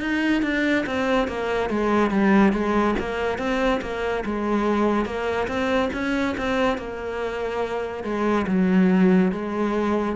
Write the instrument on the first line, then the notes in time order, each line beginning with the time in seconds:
cello
0.00 D#4
0.42 D4
0.86 C4
1.28 A#3
1.70 G#3
2.10 G3
2.52 G#3
2.99 A#3
3.38 C4
3.81 A#3
4.25 G#3
5.05 A#3
5.47 C4
5.93 C#4
6.37 C4
6.78 A#3
8.04 G#3
8.47 F#3
9.32 G#3